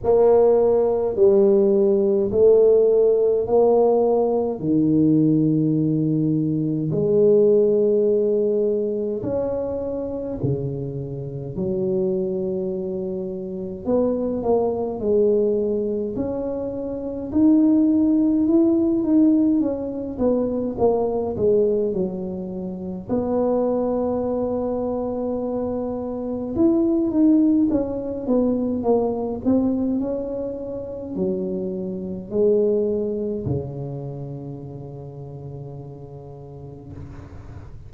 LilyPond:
\new Staff \with { instrumentName = "tuba" } { \time 4/4 \tempo 4 = 52 ais4 g4 a4 ais4 | dis2 gis2 | cis'4 cis4 fis2 | b8 ais8 gis4 cis'4 dis'4 |
e'8 dis'8 cis'8 b8 ais8 gis8 fis4 | b2. e'8 dis'8 | cis'8 b8 ais8 c'8 cis'4 fis4 | gis4 cis2. | }